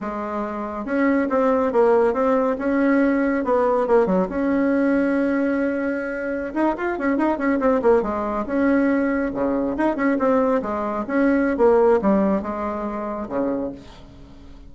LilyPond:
\new Staff \with { instrumentName = "bassoon" } { \time 4/4 \tempo 4 = 140 gis2 cis'4 c'4 | ais4 c'4 cis'2 | b4 ais8 fis8 cis'2~ | cis'2.~ cis'16 dis'8 f'16~ |
f'16 cis'8 dis'8 cis'8 c'8 ais8 gis4 cis'16~ | cis'4.~ cis'16 cis4 dis'8 cis'8 c'16~ | c'8. gis4 cis'4~ cis'16 ais4 | g4 gis2 cis4 | }